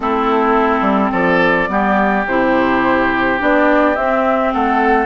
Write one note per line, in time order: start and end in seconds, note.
0.00 0.81 A3
0.00 1.68 C4
0.00 1.11 E4
0.00 1.12 A4
0.81 1.09 G3
1.11 1.69 F3
1.11 1.68 A4
1.11 2.25 D5
1.68 2.25 G3
1.68 2.24 B3
1.68 4.53 G4
2.26 3.39 C3
2.26 3.38 E4
2.26 3.40 C5
3.38 3.96 B3
3.38 3.95 D4
3.38 3.95 D5
3.95 4.53 C4
3.95 5.06 C4
3.95 4.52 E5
4.52 5.06 A3
4.52 5.06 A4
4.52 5.06 F#5